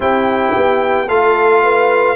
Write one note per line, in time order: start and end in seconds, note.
0.00 0.52 C4
0.00 1.07 E4
0.00 1.07 G4
0.00 1.08 G5
0.56 1.10 B3
1.07 2.16 A3
1.07 2.16 F4
1.07 1.62 A4
1.07 2.16 F5
1.62 2.16 B4